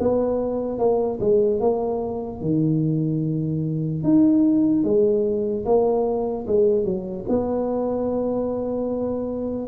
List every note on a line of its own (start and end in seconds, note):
0.00 0.79 B3
0.79 1.19 A#3
1.21 1.60 G#3
1.60 2.41 A#3
2.41 4.04 D#3
4.04 4.84 D#4
4.84 5.65 G#3
5.65 6.46 A#3
6.47 6.85 G#3
6.85 7.25 F#3
7.29 9.68 B3